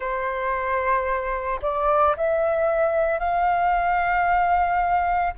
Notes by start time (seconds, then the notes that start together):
0.00 C5
1.62 D5
2.16 E5
3.19 F5